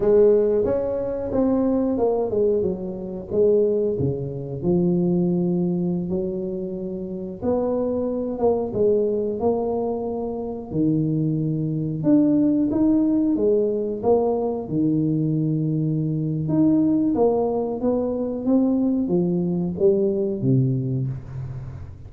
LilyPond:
\new Staff \with { instrumentName = "tuba" } { \time 4/4 \tempo 4 = 91 gis4 cis'4 c'4 ais8 gis8 | fis4 gis4 cis4 f4~ | f4~ f16 fis2 b8.~ | b8. ais8 gis4 ais4.~ ais16~ |
ais16 dis2 d'4 dis'8.~ | dis'16 gis4 ais4 dis4.~ dis16~ | dis4 dis'4 ais4 b4 | c'4 f4 g4 c4 | }